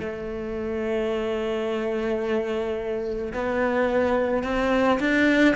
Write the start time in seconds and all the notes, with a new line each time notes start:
0.00 A3
3.33 B3
4.43 C4
5.00 D4